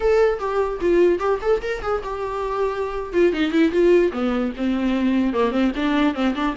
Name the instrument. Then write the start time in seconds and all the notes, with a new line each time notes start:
viola
0.00 A4
0.39 G4
0.80 F4
1.19 G4
1.41 A4
1.61 A#4
1.82 G#4
2.03 G4
3.13 F4
3.32 D#4
3.51 E4
3.71 F4
4.12 B3
4.56 C4
5.33 A#3
5.51 C4
5.75 D4
6.14 C4
6.35 D4